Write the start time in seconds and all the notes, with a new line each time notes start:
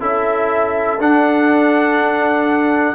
0.00 C#4 E4 A4 E5
0.99 D4 F#5